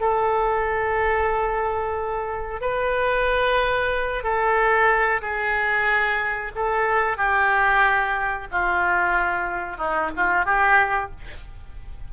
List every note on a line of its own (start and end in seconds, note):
0.00 2.61 A4
2.61 4.23 B4
4.23 5.21 A4
5.21 6.52 G#4
6.55 7.17 A4
7.17 8.47 G4
8.51 9.77 F4
9.77 10.10 D#4
10.16 10.45 F4
10.45 11.10 G4